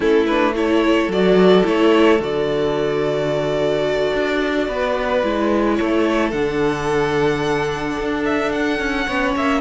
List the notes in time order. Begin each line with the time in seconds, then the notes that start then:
0.00 A3 C#4 E4 A4
0.26 D4 B4
0.54 E4 A4 C#5
1.07 F#3 F#4 D5
1.64 A3 E4 C#5
2.19 D3 F#4 D5
4.14 D4
4.67 B3 B4
5.22 G#3 E4
5.75 A3 A4 C#5
6.31 D3 D4 F#5
7.98 D4
8.25 E5
8.52 F#5
8.79 C#4
9.06 B3 C#4 C#5
9.36 A#3 E5